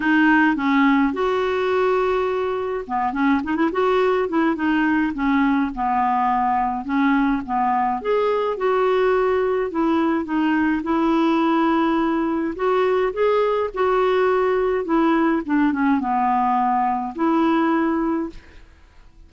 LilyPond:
\new Staff \with { instrumentName = "clarinet" } { \time 4/4 \tempo 4 = 105 dis'4 cis'4 fis'2~ | fis'4 b8 cis'8 dis'16 e'16 fis'4 e'8 | dis'4 cis'4 b2 | cis'4 b4 gis'4 fis'4~ |
fis'4 e'4 dis'4 e'4~ | e'2 fis'4 gis'4 | fis'2 e'4 d'8 cis'8 | b2 e'2 | }